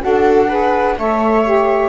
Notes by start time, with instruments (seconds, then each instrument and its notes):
0.00 double bass D4, saxophone F#4, viola A4, flute F#5
0.49 saxophone G#4, viola B4
0.97 double bass A3, saxophone A4, viola C#5, flute E5
1.44 saxophone G4